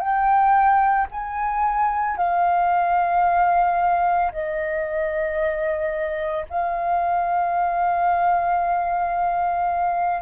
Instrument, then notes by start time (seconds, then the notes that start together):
flute
0.00 G5
1.11 G#5
2.17 F5
4.32 D#5
6.49 F5